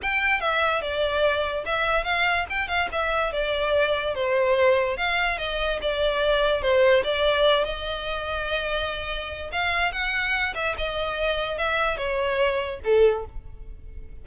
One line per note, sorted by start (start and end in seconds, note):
0.02 0.40 G5
0.40 0.81 E5
0.81 1.64 D5
1.65 2.04 E5
2.04 2.45 F5
2.49 2.68 G5
2.68 2.89 F5
2.92 3.32 E5
3.32 4.15 D5
4.15 4.97 C5
4.97 5.38 F5
5.38 5.79 D#5
5.81 6.62 D5
6.62 7.03 C5
7.04 7.64 D5
7.64 9.50 D#5
9.52 9.92 F5
9.92 10.54 F#5
10.54 10.75 E5
10.77 11.58 D#5
11.58 11.97 E5
11.97 12.80 C#5
12.84 13.25 A4